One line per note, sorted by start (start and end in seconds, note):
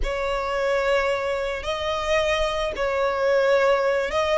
0.03 1.63 C#5
1.63 2.72 D#5
2.75 4.11 C#5
4.11 4.38 D#5